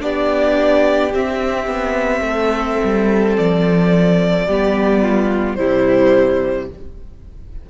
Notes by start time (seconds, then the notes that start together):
0.00 B3 D4 G4 D5
1.14 C4 E5
1.67 B3
2.21 A3 A4
2.84 G3
3.37 F3 D5
4.47 G3 B3 G4
5.03 F4
5.56 C3 G3 E4 C5